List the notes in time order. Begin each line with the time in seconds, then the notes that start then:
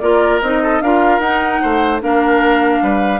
0.00 A#3 F4 A#4 D5
0.41 C4 D#4 D#5
0.62 A4
0.81 D4 F4 A#4 F5
1.19 D#4 F#5
1.62 A3 C5
2.01 A#3 D4 A#4 F5
2.82 G3 B4